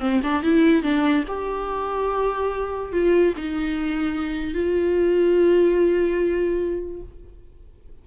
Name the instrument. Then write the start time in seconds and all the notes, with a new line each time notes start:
viola
0.00 C4
0.23 D4
0.43 E4
0.83 D4
1.28 G4
2.92 F4
3.36 D#4
4.54 F4